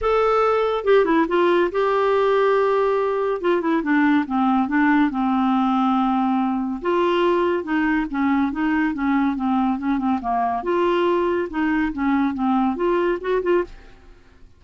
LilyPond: \new Staff \with { instrumentName = "clarinet" } { \time 4/4 \tempo 4 = 141 a'2 g'8 e'8 f'4 | g'1 | f'8 e'8 d'4 c'4 d'4 | c'1 |
f'2 dis'4 cis'4 | dis'4 cis'4 c'4 cis'8 c'8 | ais4 f'2 dis'4 | cis'4 c'4 f'4 fis'8 f'8 | }